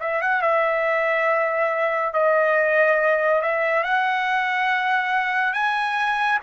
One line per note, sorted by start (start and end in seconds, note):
0.00 0.21 E5
0.21 0.42 F#5
0.42 2.13 E5
2.13 3.41 D#5
3.41 3.83 E5
3.83 5.53 F#5
5.53 6.39 G#5